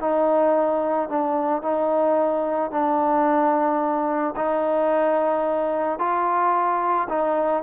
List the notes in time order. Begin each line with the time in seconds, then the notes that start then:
0.00 D#4
1.09 D4
1.62 D#4
2.71 D4
4.36 D#4
5.99 F4
7.09 D#4